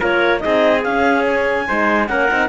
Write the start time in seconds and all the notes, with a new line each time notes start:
0.00 A#3 F4 A#4 C#5
0.40 C4 D#4 G#4 D#5
0.83 C#4 F5
1.27 G#5
1.68 G#3 D#4 C5
2.07 A#3 C#4 A#4 F#5
2.29 C4 D#4